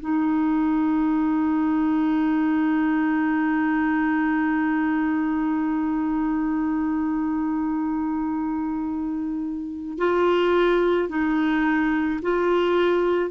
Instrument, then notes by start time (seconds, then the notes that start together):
clarinet
0.00 D#4
9.98 F4
11.09 D#4
12.22 F4